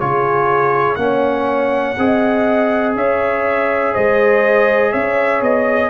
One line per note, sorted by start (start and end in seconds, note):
0.00 0.97 C#3
0.00 0.98 F4
0.00 1.00 G#4
0.00 0.96 C#5
0.96 1.95 A#3
0.96 1.96 C#4
0.96 1.99 C#5
0.96 2.92 F#5
1.98 2.96 C4
1.98 5.91 G#4
1.98 2.97 D#5
2.96 3.94 C#4
2.96 3.93 C#5
2.96 3.94 E5
3.93 4.94 G#3
3.93 4.92 C5
3.93 4.93 D#5
4.92 5.41 C#4
4.92 5.90 C#5
4.92 5.42 E5
5.41 5.91 B3
5.41 5.91 D#5